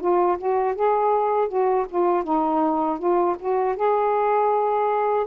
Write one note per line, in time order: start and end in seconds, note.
0.00 0.38 F4
0.38 0.75 F#4
0.75 1.48 G#4
1.48 1.86 F#4
1.89 2.23 F4
2.23 2.98 D#4
2.98 3.36 F4
3.39 3.76 F#4
3.76 5.26 G#4